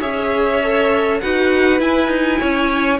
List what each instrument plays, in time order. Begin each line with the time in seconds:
0.00 cello C#4, viola G#4, violin C#5 E5
0.63 viola A4
1.20 cello D#4, viola F#4, violin B4 F#5
1.78 viola E4, cello E4, violin G#5
2.08 cello D#4
2.40 cello C#4, violin C#5